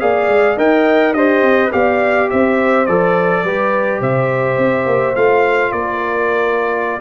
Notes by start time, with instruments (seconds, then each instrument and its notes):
0.00 tuba A#3, trombone G#4, horn D5, trumpet F5
0.28 tuba G#3
0.56 tuba D#4, trombone A#4, horn D#5, trumpet G5
1.13 tuba D4, horn G4, trombone C5, trumpet D#5
1.42 tuba C4
1.72 tuba B3, trombone G4, horn D5, trumpet F5
2.30 tuba C4, horn C5, trumpet E5
2.86 tuba F3, trombone A4, trumpet D5
3.44 tuba G3, trombone G4, horn B4
4.00 tuba C3, horn C5, trumpet E5
4.58 tuba C4
4.86 tuba A#3
5.16 tuba A3, trombone F4, trumpet F5
5.72 tuba A#3, horn A#4, trumpet D5